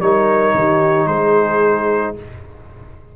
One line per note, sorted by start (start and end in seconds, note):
0.00 0.54 G3
0.00 2.16 D#4
0.00 0.56 A#4
0.00 1.07 C#5
0.54 1.06 D#3
0.54 1.08 G4
1.06 2.13 G#3
1.06 2.15 G#4
1.06 2.15 C5